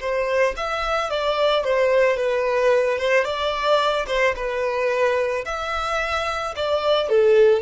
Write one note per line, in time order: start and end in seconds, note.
0.00 0.55 C5
0.57 1.10 E5
1.10 1.64 D5
1.64 2.17 C5
2.17 2.99 B4
2.99 3.24 C5
3.24 4.06 D5
4.07 4.34 C5
4.36 5.45 B4
5.45 6.54 E5
6.56 7.09 D5
7.09 7.62 A4